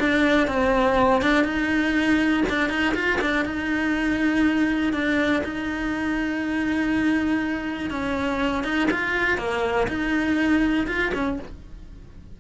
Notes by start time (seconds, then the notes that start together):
0.00 D4
0.47 C4
1.22 D4
1.44 D#4
2.49 D4
2.70 D#4
2.95 F4
3.21 D4
3.45 D#4
4.93 D4
5.44 D#4
7.90 C#4
8.64 D#4
8.91 F4
9.38 A#3
9.88 D#4
10.88 F4
11.14 C#4